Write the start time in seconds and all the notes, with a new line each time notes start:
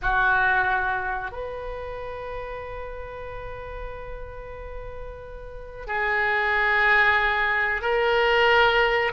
0.02 F#4
1.31 B4
5.86 G#4
7.81 A#4